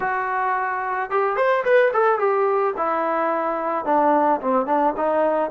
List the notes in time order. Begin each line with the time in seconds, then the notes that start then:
0.00 F#4
1.10 G4
1.36 C5
1.64 B4
1.93 A4
2.18 G4
2.76 E4
3.85 D4
4.41 C4
4.66 D4
4.97 D#4